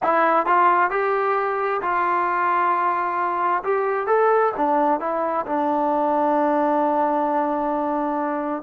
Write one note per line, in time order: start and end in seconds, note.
0.02 0.46 E4
0.46 0.90 F4
0.90 1.81 G4
1.81 3.63 F4
3.63 4.07 G4
4.07 4.52 A4
4.56 5.00 D4
5.00 5.45 E4
5.46 8.62 D4